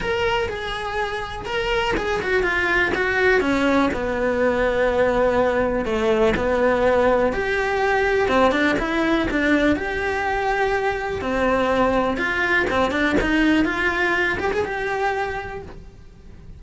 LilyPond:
\new Staff \with { instrumentName = "cello" } { \time 4/4 \tempo 4 = 123 ais'4 gis'2 ais'4 | gis'8 fis'8 f'4 fis'4 cis'4 | b1 | a4 b2 g'4~ |
g'4 c'8 d'8 e'4 d'4 | g'2. c'4~ | c'4 f'4 c'8 d'8 dis'4 | f'4. g'16 gis'16 g'2 | }